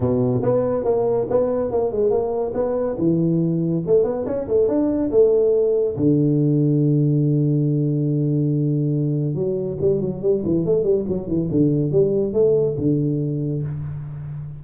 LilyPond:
\new Staff \with { instrumentName = "tuba" } { \time 4/4 \tempo 4 = 141 b,4 b4 ais4 b4 | ais8 gis8 ais4 b4 e4~ | e4 a8 b8 cis'8 a8 d'4 | a2 d2~ |
d1~ | d2 fis4 g8 fis8 | g8 e8 a8 g8 fis8 e8 d4 | g4 a4 d2 | }